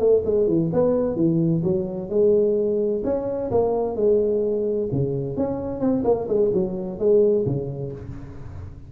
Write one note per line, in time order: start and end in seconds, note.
0.00 0.23 A3
0.25 0.48 G#3
0.48 0.71 E3
0.73 1.16 B3
1.16 1.63 E3
1.64 2.10 F#3
2.10 3.03 G#3
3.04 3.51 C#4
3.51 3.96 A#3
3.96 4.89 G#3
4.92 5.37 C#3
5.37 5.81 C#4
5.81 6.04 C4
6.05 6.28 A#3
6.29 6.52 G#3
6.54 6.99 F#3
6.99 7.46 G#3
7.46 7.93 C#3